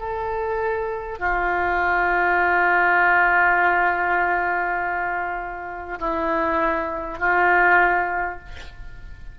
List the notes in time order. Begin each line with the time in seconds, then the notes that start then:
0.00 A4
1.19 F4
6.00 E4
7.19 F4